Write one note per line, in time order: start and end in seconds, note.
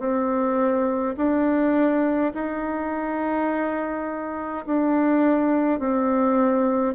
0.00 1.15 C4
1.17 2.33 D4
2.35 4.66 D#4
4.67 5.80 D4
5.80 6.95 C4